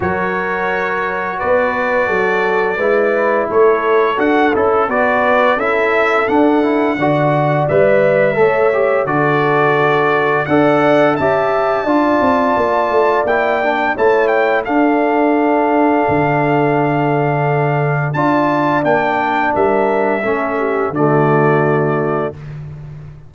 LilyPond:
<<
  \new Staff \with { instrumentName = "trumpet" } { \time 4/4 \tempo 4 = 86 cis''2 d''2~ | d''4 cis''4 fis''8 a'8 d''4 | e''4 fis''2 e''4~ | e''4 d''2 fis''4 |
a''2. g''4 | a''8 g''8 f''2.~ | f''2 a''4 g''4 | e''2 d''2 | }
  \new Staff \with { instrumentName = "horn" } { \time 4/4 ais'2 b'4 a'4 | b'4 a'2 b'4 | a'2 d''2 | cis''4 a'2 d''4 |
e''4 d''2. | cis''4 a'2.~ | a'2 d''2 | ais'4 a'8 g'8 fis'2 | }
  \new Staff \with { instrumentName = "trombone" } { \time 4/4 fis'1 | e'2 fis'8 e'8 fis'4 | e'4 d'8 e'8 fis'4 b'4 | a'8 g'8 fis'2 a'4 |
g'4 f'2 e'8 d'8 | e'4 d'2.~ | d'2 f'4 d'4~ | d'4 cis'4 a2 | }
  \new Staff \with { instrumentName = "tuba" } { \time 4/4 fis2 b4 fis4 | gis4 a4 d'8 cis'8 b4 | cis'4 d'4 d4 g4 | a4 d2 d'4 |
cis'4 d'8 c'8 ais8 a8 ais4 | a4 d'2 d4~ | d2 d'4 ais4 | g4 a4 d2 | }
>>